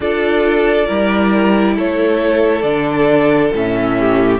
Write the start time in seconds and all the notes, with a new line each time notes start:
0.00 D4 F4 A4 D5
0.86 G3 E4 A#4
1.75 A3 A4 C#5
2.62 D3 D4 D5
3.53 A2 C#4 E5
3.99 G4